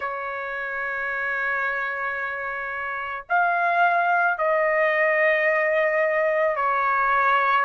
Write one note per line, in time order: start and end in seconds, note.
0.00 3.24 C#5
3.29 4.38 F5
4.38 6.56 D#5
6.56 7.64 C#5